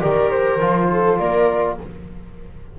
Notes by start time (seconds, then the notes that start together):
0.00 D#3 G4 A#4 D5
0.30 C5
0.60 F3 F4
0.91 A4
1.18 A#3 A#4 D5